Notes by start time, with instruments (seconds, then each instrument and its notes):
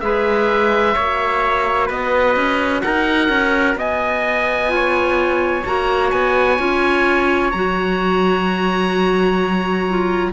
0.00 cello G#3, clarinet G#4, trumpet B4, oboe E5
0.94 cello A#3, clarinet F#4, trumpet C#5
1.87 cello B3, trumpet B4, oboe D#5
2.36 cello C#4
2.81 cello D#4, trumpet A#4, oboe F#5
3.29 cello C#4
3.75 cello B3, trumpet D#5, oboe G#5
4.68 clarinet F4
4.75 trumpet C#5
5.66 cello A#3, clarinet F#4, oboe A#5
6.11 cello B3, oboe G#5
6.58 cello C#4, clarinet F4
7.51 cello F#3, clarinet F#4, oboe A#5
9.89 clarinet F4